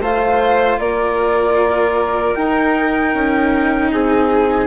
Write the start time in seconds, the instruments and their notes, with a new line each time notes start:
0.00 bassoon A3, cello F4, violin C5, flute F5
0.79 bassoon A#3, violin A#4, flute D5
2.35 cello D#4, bassoon D#4, flute G5
3.14 bassoon C#4
3.92 bassoon C4, violin G#4, flute G#5